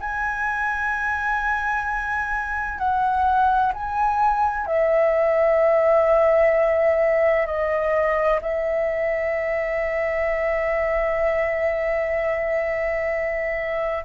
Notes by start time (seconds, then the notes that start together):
0.00 G#5
2.78 F#5
3.73 G#5
4.66 E5
7.46 D#5
8.42 E5